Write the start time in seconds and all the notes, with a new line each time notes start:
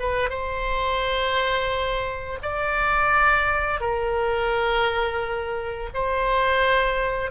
0.00 B4
0.29 C5
2.42 D5
3.81 A#4
5.94 C5